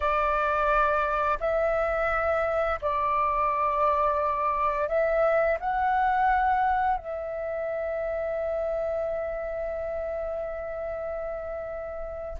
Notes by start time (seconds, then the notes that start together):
0.00 D5
1.40 E5
2.81 D5
4.88 E5
5.59 F#5
6.97 E5